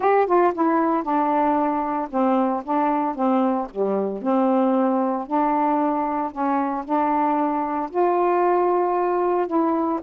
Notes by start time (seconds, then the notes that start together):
0.00 G4
0.26 F4
0.54 E4
1.03 D4
2.10 C4
2.64 D4
3.15 C4
3.70 G3
4.22 C4
5.26 D4
6.31 C#4
6.84 D4
7.90 F4
9.47 E4